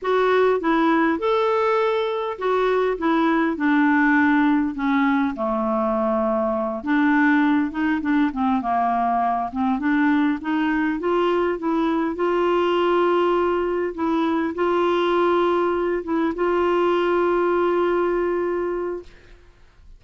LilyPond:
\new Staff \with { instrumentName = "clarinet" } { \time 4/4 \tempo 4 = 101 fis'4 e'4 a'2 | fis'4 e'4 d'2 | cis'4 a2~ a8 d'8~ | d'4 dis'8 d'8 c'8 ais4. |
c'8 d'4 dis'4 f'4 e'8~ | e'8 f'2. e'8~ | e'8 f'2~ f'8 e'8 f'8~ | f'1 | }